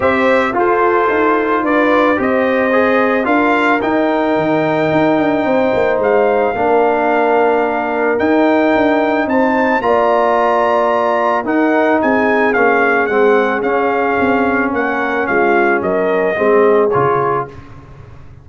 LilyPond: <<
  \new Staff \with { instrumentName = "trumpet" } { \time 4/4 \tempo 4 = 110 e''4 c''2 d''4 | dis''2 f''4 g''4~ | g''2. f''4~ | f''2. g''4~ |
g''4 a''4 ais''2~ | ais''4 fis''4 gis''4 f''4 | fis''4 f''2 fis''4 | f''4 dis''2 cis''4 | }
  \new Staff \with { instrumentName = "horn" } { \time 4/4 c''4 a'2 b'4 | c''2 ais'2~ | ais'2 c''2 | ais'1~ |
ais'4 c''4 d''2~ | d''4 ais'4 gis'2~ | gis'2. ais'4 | f'4 ais'4 gis'2 | }
  \new Staff \with { instrumentName = "trombone" } { \time 4/4 g'4 f'2. | g'4 gis'4 f'4 dis'4~ | dis'1 | d'2. dis'4~ |
dis'2 f'2~ | f'4 dis'2 cis'4 | c'4 cis'2.~ | cis'2 c'4 f'4 | }
  \new Staff \with { instrumentName = "tuba" } { \time 4/4 c'4 f'4 dis'4 d'4 | c'2 d'4 dis'4 | dis4 dis'8 d'8 c'8 ais8 gis4 | ais2. dis'4 |
d'4 c'4 ais2~ | ais4 dis'4 c'4 ais4 | gis4 cis'4 c'4 ais4 | gis4 fis4 gis4 cis4 | }
>>